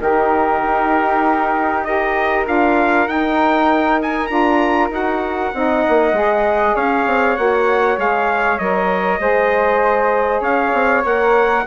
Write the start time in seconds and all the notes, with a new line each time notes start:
0.00 D#3 D#4 G4 A#4
0.62 D#4
1.84 G4 A#4 D#5
2.45 D4 F4 F5
3.07 D#4 G5
4.02 G#5
4.26 D4 F4 A#5
4.89 D#4 F#4 F#5
5.54 C4 D#4 D#5
5.88 A#3
6.12 G#3 G#4
6.75 C#4 C#5 F5
7.06 C4
7.37 A#3 F#4 F#5
7.96 G#3 G#4 F5
8.58 F#3 A#4 D#5
9.19 G#3 G#4 C5
10.40 C#4 C#5 F5
10.73 C4
11.04 A#3 A#4 F#5